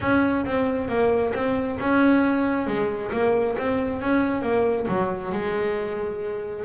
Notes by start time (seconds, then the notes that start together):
0.00 C#4
0.45 C4
0.88 A#3
1.34 C4
1.80 C#4
2.66 G#3
3.12 A#3
3.58 C4
4.01 C#4
4.42 A#3
4.88 F#3
5.32 G#3